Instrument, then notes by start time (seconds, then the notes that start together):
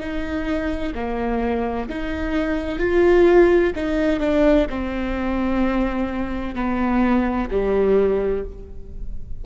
viola
0.00 D#4
0.95 A#3
1.89 D#4
2.80 F4
3.76 D#4
4.20 D4
4.70 C4
6.55 B3
7.51 G3